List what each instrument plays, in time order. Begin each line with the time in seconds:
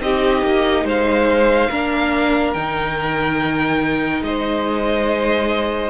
0.00 cello C4, viola D#4, violin G4 D#5
0.42 cello A#3
0.84 cello G#3, violin C5 F5
1.70 cello A#3, viola D4, violin A#4
2.53 cello D#3, viola D#4, violin G5
4.21 cello G#3, violin C5 D#5